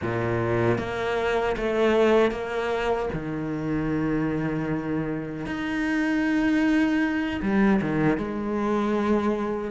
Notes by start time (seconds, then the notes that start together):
0.02 A#2
0.78 A#3
1.56 A3
2.31 A#3
3.13 D#3
5.46 D#4
7.42 G3
7.81 D#3
8.17 G#3